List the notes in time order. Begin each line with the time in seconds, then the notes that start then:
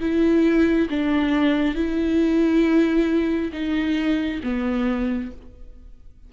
0.00 E4
0.90 D4
1.75 E4
3.53 D#4
4.43 B3